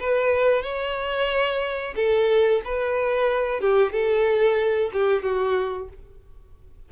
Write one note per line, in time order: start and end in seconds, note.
0.00 0.63 B4
0.63 1.95 C#5
1.96 2.62 A4
2.65 3.61 B4
3.61 3.92 G4
3.92 4.91 A4
4.93 5.23 G4
5.23 5.89 F#4